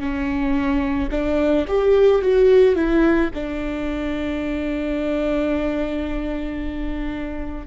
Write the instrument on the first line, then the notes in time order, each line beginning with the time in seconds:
viola
0.00 C#4
1.12 D4
1.68 G4
2.22 F#4
2.76 E4
3.34 D4